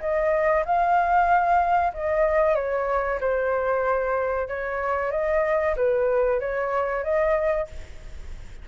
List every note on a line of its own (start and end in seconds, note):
0.00 0.64 D#5
0.65 1.93 F5
1.93 2.55 D#5
2.55 3.19 C#5
3.20 4.48 C5
4.48 5.11 C#5
5.11 5.75 D#5
5.76 6.40 B4
6.40 7.03 C#5
7.03 7.67 D#5